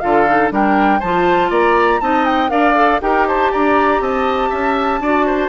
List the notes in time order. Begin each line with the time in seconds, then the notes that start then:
0.00 D3 F4 A4 F5
0.27 D#4
0.50 G3 D4 A#4 G5
1.00 F3 F4 C5 A5
1.50 A#3 D5 A#5
2.01 C4 D#4 D#5 A5
2.25 G5
2.49 D4 A#4 D5 F5
2.75 A4
3.02 D#4 G4 A#4 G5
3.28 C5 A5
3.52 D4 D5 A#5
4.01 C4 D#5 A5
4.50 C#4 E5
5.00 D4 F#4 D5
5.27 C5